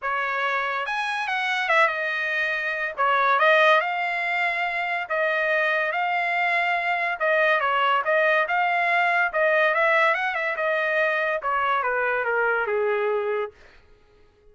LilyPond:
\new Staff \with { instrumentName = "trumpet" } { \time 4/4 \tempo 4 = 142 cis''2 gis''4 fis''4 | e''8 dis''2~ dis''8 cis''4 | dis''4 f''2. | dis''2 f''2~ |
f''4 dis''4 cis''4 dis''4 | f''2 dis''4 e''4 | fis''8 e''8 dis''2 cis''4 | b'4 ais'4 gis'2 | }